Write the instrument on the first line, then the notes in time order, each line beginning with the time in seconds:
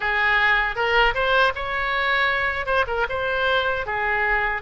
oboe
0.00 G#4
0.75 A#4
1.14 C5
1.55 C#5
2.66 C5
2.87 A#4
3.09 C5
3.85 G#4